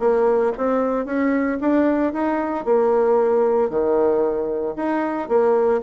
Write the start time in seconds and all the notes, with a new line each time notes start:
0.00 A#3
0.58 C4
1.06 C#4
1.61 D4
2.14 D#4
2.66 A#3
3.70 D#3
4.77 D#4
5.29 A#3